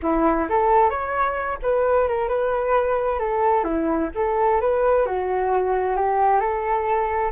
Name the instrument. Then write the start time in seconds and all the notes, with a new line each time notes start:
flute
0.02 E4
0.49 A4
0.89 C#5
1.62 B4
2.08 A#4
2.28 B4
3.19 A4
3.63 E4
4.15 A4
4.61 B4
5.06 F#4
5.96 G4
6.40 A4